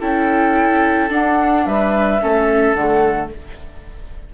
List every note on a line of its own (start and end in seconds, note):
0.00 1.11 C#4
0.00 1.10 E4
0.00 1.65 A4
0.00 1.11 G5
1.10 2.20 D4
1.10 1.66 D4
1.10 1.67 F#5
1.66 2.21 G3
1.66 2.22 B4
1.66 2.74 E5
2.21 2.74 A3
2.21 2.76 C#4
2.21 3.33 A4
2.74 3.29 D3
2.74 3.34 A3
2.74 3.29 F#5